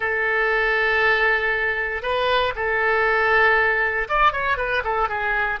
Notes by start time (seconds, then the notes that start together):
0.00 A4
2.02 B4
2.55 A4
4.08 D5
4.32 C#5
4.57 B4
4.84 A4
5.08 G#4